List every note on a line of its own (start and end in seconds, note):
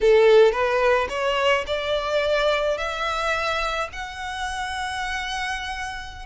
0.01 0.52 A4
0.52 1.07 B4
1.09 1.64 C#5
1.66 2.77 D5
2.77 3.88 E5
3.92 6.25 F#5